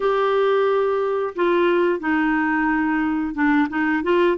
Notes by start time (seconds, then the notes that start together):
0.00 G4
1.35 F4
1.99 D#4
3.34 D4
3.69 D#4
4.03 F4